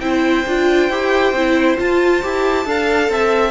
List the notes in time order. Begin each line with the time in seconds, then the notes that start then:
0.00 C4 E4 C5 G5
0.46 D4 F4
0.89 E4 G4
1.33 C4 E4
1.78 F4 A5
2.23 E4 G4
2.65 D4 A4 F5
3.09 C4 E5